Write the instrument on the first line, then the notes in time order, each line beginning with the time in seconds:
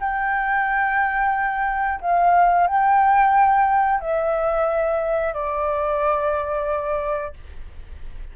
flute
0.00 G5
2.01 F5
2.67 G5
4.00 E5
5.34 D5